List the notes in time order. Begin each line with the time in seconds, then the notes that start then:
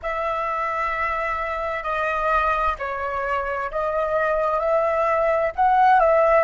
0.02 E5
1.83 D#5
2.78 C#5
3.71 D#5
4.59 E5
5.56 F#5
6.00 E5